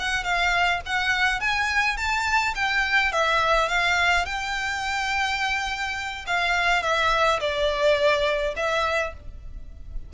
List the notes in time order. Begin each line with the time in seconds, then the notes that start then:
0.00 F#5
0.24 F5
0.86 F#5
1.41 G#5
1.98 A5
2.56 G5
3.13 E5
3.69 F5
4.26 G5
6.27 F5
6.83 E5
7.41 D5
8.57 E5